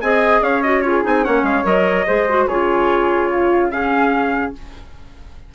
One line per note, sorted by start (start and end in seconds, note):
0.00 0.41 C4
0.00 0.63 G#4
0.00 0.43 D#5
0.00 0.41 G#5
0.41 1.02 C#4
0.41 0.84 C#5
0.41 0.62 F5
0.62 0.83 F#4
0.62 0.81 D#5
0.81 1.03 F4
0.81 1.24 G#4
0.81 1.02 C#5
1.03 1.26 C4
1.03 1.23 D#4
1.03 1.24 G#5
1.23 1.42 A#3
1.23 1.64 C#4
1.23 2.06 C#5
1.23 1.45 F#5
1.42 1.63 G#3
1.42 1.65 F5
1.64 2.05 F#3
1.64 2.05 A#4
1.64 2.47 D#5
2.06 2.46 G#3
2.06 2.27 G#4
2.06 2.47 C5
2.28 2.49 F#4
2.46 4.52 C#3
2.46 3.70 F4
2.46 3.29 G#4
2.46 3.70 C#5
3.30 3.72 F4
3.70 4.52 C#4
3.70 4.54 G#4
3.70 4.52 F5